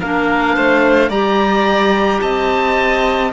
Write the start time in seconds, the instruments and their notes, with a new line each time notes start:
0.00 cello A#3, clarinet D4, violin A#4, oboe F5
0.55 cello A3, violin C5
1.09 cello G3, clarinet G4, violin D5, oboe A#5
2.21 cello C4, violin D#5, oboe A5